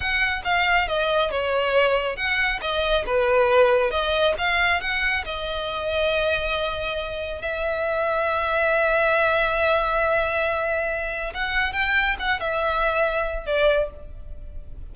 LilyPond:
\new Staff \with { instrumentName = "violin" } { \time 4/4 \tempo 4 = 138 fis''4 f''4 dis''4 cis''4~ | cis''4 fis''4 dis''4 b'4~ | b'4 dis''4 f''4 fis''4 | dis''1~ |
dis''4 e''2.~ | e''1~ | e''2 fis''4 g''4 | fis''8 e''2~ e''8 d''4 | }